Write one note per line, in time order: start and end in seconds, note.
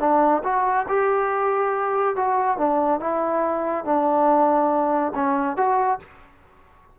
0.00 0.43 D4
0.44 0.86 F#4
0.88 2.16 G4
2.16 2.58 F#4
2.58 3.00 D4
3.00 3.85 E4
3.85 5.13 D4
5.15 5.57 C#4
5.57 5.99 F#4